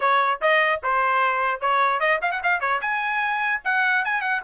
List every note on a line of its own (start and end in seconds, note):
0.00 0.40 C#5
0.41 0.81 D#5
0.83 1.60 C5
1.60 2.00 C#5
2.00 2.20 D#5
2.21 2.31 F5
2.31 2.41 F#5
2.43 2.60 F5
2.60 2.80 C#5
2.81 3.61 G#5
3.64 4.04 F#5
4.04 4.21 G#5
4.21 4.41 F#5